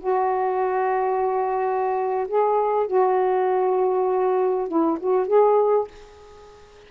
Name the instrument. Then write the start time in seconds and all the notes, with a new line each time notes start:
saxophone
0.00 F#4
2.28 G#4
2.87 F#4
4.68 E4
5.00 F#4
5.27 G#4